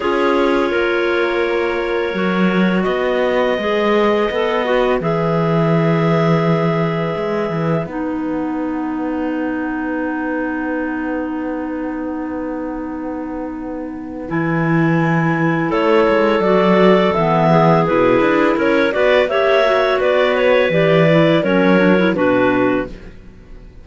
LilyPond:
<<
  \new Staff \with { instrumentName = "clarinet" } { \time 4/4 \tempo 4 = 84 cis''1 | dis''2. e''4~ | e''2. fis''4~ | fis''1~ |
fis''1 | gis''2 cis''4 d''4 | e''4 b'4 cis''8 d''8 e''4 | d''8 cis''8 d''4 cis''4 b'4 | }
  \new Staff \with { instrumentName = "clarinet" } { \time 4/4 gis'4 ais'2. | b'1~ | b'1~ | b'1~ |
b'1~ | b'2 a'2~ | a'8 gis'4. ais'8 b'8 cis''4 | b'2 ais'4 fis'4 | }
  \new Staff \with { instrumentName = "clarinet" } { \time 4/4 f'2. fis'4~ | fis'4 gis'4 a'8 fis'8 gis'4~ | gis'2. dis'4~ | dis'1~ |
dis'1 | e'2. fis'4 | b4 e'4. fis'8 g'8 fis'8~ | fis'4 g'8 e'8 cis'8 d'16 e'16 d'4 | }
  \new Staff \with { instrumentName = "cello" } { \time 4/4 cis'4 ais2 fis4 | b4 gis4 b4 e4~ | e2 gis8 e8 b4~ | b1~ |
b1 | e2 a8 gis8 fis4 | e4 b,8 d'8 cis'8 b8 ais4 | b4 e4 fis4 b,4 | }
>>